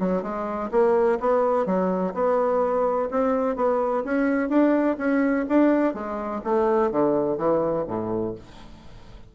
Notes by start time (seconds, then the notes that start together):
0.00 F#3
0.23 G#3
0.71 A#3
1.20 B3
1.66 F#3
2.14 B3
3.11 C4
3.56 B3
4.05 C#4
4.50 D4
4.98 C#4
5.49 D4
5.94 G#3
6.44 A3
6.92 D3
7.38 E3
7.88 A2